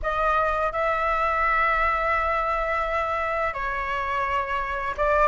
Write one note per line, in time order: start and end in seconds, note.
0.02 0.72 D#5
0.72 3.53 E5
3.53 4.94 C#5
4.97 5.28 D5